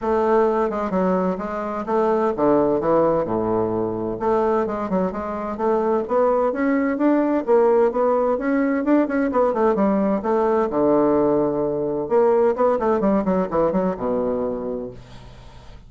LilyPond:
\new Staff \with { instrumentName = "bassoon" } { \time 4/4 \tempo 4 = 129 a4. gis8 fis4 gis4 | a4 d4 e4 a,4~ | a,4 a4 gis8 fis8 gis4 | a4 b4 cis'4 d'4 |
ais4 b4 cis'4 d'8 cis'8 | b8 a8 g4 a4 d4~ | d2 ais4 b8 a8 | g8 fis8 e8 fis8 b,2 | }